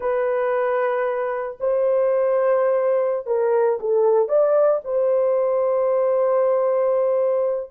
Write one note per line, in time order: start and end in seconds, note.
0.00 1.57 B4
1.60 3.26 C5
3.26 3.78 A#4
3.80 4.28 A4
4.28 4.80 D5
4.84 7.70 C5